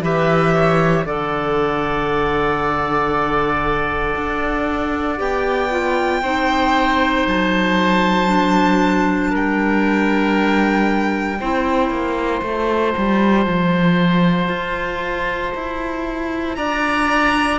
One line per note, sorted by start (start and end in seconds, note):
0.00 1.03 E3
0.00 1.06 G4
0.00 0.54 B4
0.00 1.06 E5
0.54 1.06 C#5
1.05 4.15 D3
1.05 5.17 A4
1.05 6.22 D5
1.05 5.19 F#5
4.16 5.19 D4
5.17 6.22 B3
5.17 5.69 G4
5.17 7.26 G5
5.70 6.22 F4
6.22 7.25 C4
6.22 8.26 D#4
6.22 9.30 C5
7.27 9.33 F#3
7.27 9.34 A5
8.26 11.36 D4
9.30 11.40 G3
9.30 11.37 A#4
9.30 12.43 G5
11.40 11.90 C4
11.40 12.44 E4
11.40 16.57 C5
11.90 12.41 A#3
12.42 12.94 A3
12.42 17.59 F4
12.42 16.55 A5
12.97 13.46 G3
13.46 14.48 F3
14.48 15.52 F4
15.55 16.57 E4
16.55 17.59 D4
16.55 17.59 D5
16.55 17.59 A#5